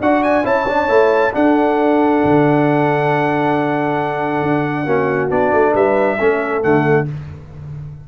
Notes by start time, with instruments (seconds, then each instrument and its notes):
0.00 tuba D4, trombone F#4, horn D5, trumpet F#5
0.23 trumpet G#5
0.43 tuba C#4, trombone E4, horn C#5, trumpet A5
0.68 trombone D4
0.88 tuba A3, trombone E4
1.33 trombone D4, tuba D4, horn A4, trumpet F#5
2.24 tuba D3
4.42 tuba D4
4.85 tuba A#3, trombone C#4, horn F#4
5.29 tuba B3, trombone D4, trumpet D5
5.52 tuba A3
5.72 tuba G3, horn B4, trumpet E5
6.18 tuba A3, trombone C#4, horn A4
6.61 tuba D3, trombone A3, trumpet F#5